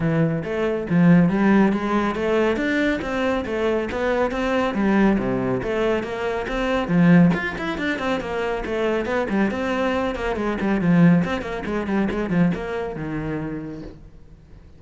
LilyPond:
\new Staff \with { instrumentName = "cello" } { \time 4/4 \tempo 4 = 139 e4 a4 f4 g4 | gis4 a4 d'4 c'4 | a4 b4 c'4 g4 | c4 a4 ais4 c'4 |
f4 f'8 e'8 d'8 c'8 ais4 | a4 b8 g8 c'4. ais8 | gis8 g8 f4 c'8 ais8 gis8 g8 | gis8 f8 ais4 dis2 | }